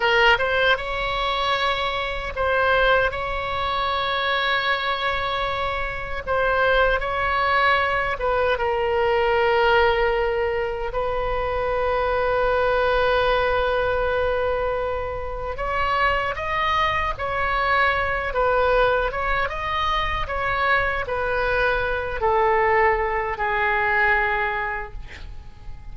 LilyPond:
\new Staff \with { instrumentName = "oboe" } { \time 4/4 \tempo 4 = 77 ais'8 c''8 cis''2 c''4 | cis''1 | c''4 cis''4. b'8 ais'4~ | ais'2 b'2~ |
b'1 | cis''4 dis''4 cis''4. b'8~ | b'8 cis''8 dis''4 cis''4 b'4~ | b'8 a'4. gis'2 | }